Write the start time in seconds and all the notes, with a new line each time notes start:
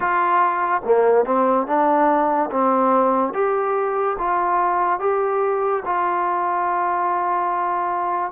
0.00 F4
0.84 A#3
1.25 C4
1.66 D4
2.51 C4
3.33 G4
4.18 F4
4.99 G4
5.85 F4